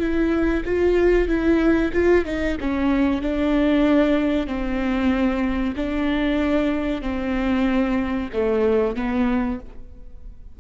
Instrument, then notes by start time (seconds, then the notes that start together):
viola
0.00 E4
0.66 F4
1.28 E4
1.94 F4
2.25 D#4
2.61 C#4
3.22 D4
4.47 C4
5.76 D4
7.02 C4
8.34 A3
8.96 B3